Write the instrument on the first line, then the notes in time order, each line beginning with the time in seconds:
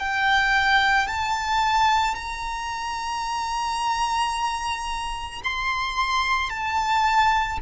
violin
0.00 G5
1.08 A5
2.15 A#5
5.44 C6
6.50 A5